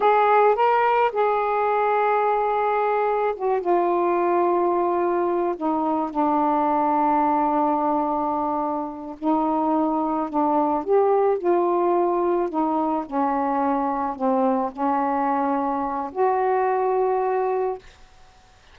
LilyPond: \new Staff \with { instrumentName = "saxophone" } { \time 4/4 \tempo 4 = 108 gis'4 ais'4 gis'2~ | gis'2 fis'8 f'4.~ | f'2 dis'4 d'4~ | d'1~ |
d'8 dis'2 d'4 g'8~ | g'8 f'2 dis'4 cis'8~ | cis'4. c'4 cis'4.~ | cis'4 fis'2. | }